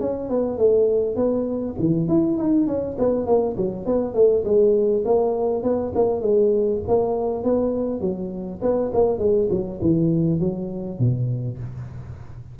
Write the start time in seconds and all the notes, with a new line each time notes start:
0.00 C#4
0.29 B3
0.58 A3
1.16 B3
1.79 E3
2.08 E4
2.37 D#4
2.67 C#4
2.99 B3
3.26 A#3
3.57 F#3
3.86 B3
4.14 A3
4.44 G#3
5.05 A#3
5.63 B3
5.95 A#3
6.21 G#3
6.88 A#3
7.44 B3
8.01 F#3
8.62 B3
8.93 A#3
9.19 G#3
9.50 F#3
9.81 E3
10.40 F#3
10.99 B2